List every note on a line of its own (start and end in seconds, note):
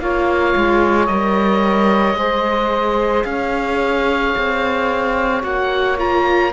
0.00 0.55 A#3
0.00 1.08 F4
0.00 2.18 C#5
0.00 1.07 F5
0.56 1.09 G#3
1.07 2.15 G3
1.07 2.17 A#4
1.07 3.25 D#5
2.15 3.25 G#3
2.15 5.42 G#4
2.15 3.27 C5
3.25 4.34 C#4
3.25 6.53 C#5
3.25 5.43 F5
4.38 5.44 C4
5.42 6.53 A#3
5.42 5.97 F#4
5.42 5.98 F#5
5.99 6.53 F4
5.99 6.53 A#5